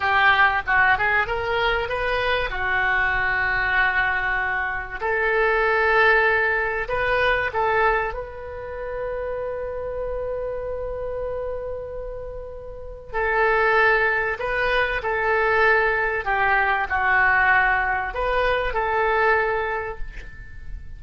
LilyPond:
\new Staff \with { instrumentName = "oboe" } { \time 4/4 \tempo 4 = 96 g'4 fis'8 gis'8 ais'4 b'4 | fis'1 | a'2. b'4 | a'4 b'2.~ |
b'1~ | b'4 a'2 b'4 | a'2 g'4 fis'4~ | fis'4 b'4 a'2 | }